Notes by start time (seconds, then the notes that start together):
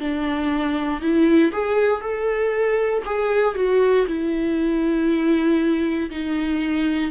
0.00 D4
1.01 E4
1.53 G#4
2.01 A4
3.06 G#4
3.55 F#4
4.07 E4
6.11 D#4